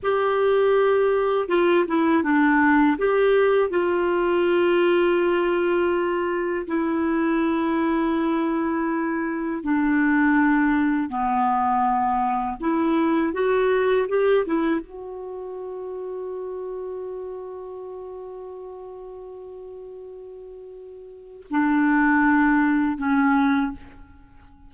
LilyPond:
\new Staff \with { instrumentName = "clarinet" } { \time 4/4 \tempo 4 = 81 g'2 f'8 e'8 d'4 | g'4 f'2.~ | f'4 e'2.~ | e'4 d'2 b4~ |
b4 e'4 fis'4 g'8 e'8 | fis'1~ | fis'1~ | fis'4 d'2 cis'4 | }